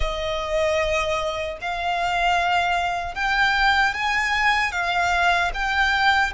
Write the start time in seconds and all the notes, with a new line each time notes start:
0.00 D#5
1.61 F5
3.14 G5
3.94 G#5
4.72 F5
5.54 G5